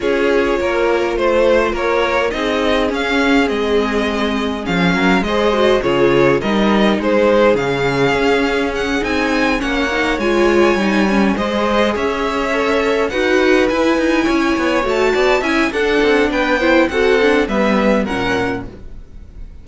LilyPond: <<
  \new Staff \with { instrumentName = "violin" } { \time 4/4 \tempo 4 = 103 cis''2 c''4 cis''4 | dis''4 f''4 dis''2 | f''4 dis''4 cis''4 dis''4 | c''4 f''2 fis''8 gis''8~ |
gis''8 fis''4 gis''2 dis''8~ | dis''8 e''2 fis''4 gis''8~ | gis''4. a''4 gis''8 fis''4 | g''4 fis''4 e''4 fis''4 | }
  \new Staff \with { instrumentName = "violin" } { \time 4/4 gis'4 ais'4 c''4 ais'4 | gis'1~ | gis'8 ais'8 c''4 gis'4 ais'4 | gis'1~ |
gis'8 cis''2. c''8~ | c''8 cis''2 b'4.~ | b'8 cis''4. d''8 e''8 a'4 | b'8 c''8 a'4 b'4 ais'4 | }
  \new Staff \with { instrumentName = "viola" } { \time 4/4 f'1 | dis'4 cis'4 c'2 | cis'4 gis'8 fis'8 f'4 dis'4~ | dis'4 cis'2~ cis'8 dis'8~ |
dis'8 cis'8 dis'8 f'4 dis'8 cis'8 gis'8~ | gis'4. a'4 fis'4 e'8~ | e'4. fis'4 e'8 d'4~ | d'8 e'8 fis'8 d'8 b4 cis'4 | }
  \new Staff \with { instrumentName = "cello" } { \time 4/4 cis'4 ais4 a4 ais4 | c'4 cis'4 gis2 | f8 fis8 gis4 cis4 g4 | gis4 cis4 cis'4. c'8~ |
c'8 ais4 gis4 g4 gis8~ | gis8 cis'2 dis'4 e'8 | dis'8 cis'8 b8 a8 b8 cis'8 d'8 c'8 | b4 c'4 g4 ais,4 | }
>>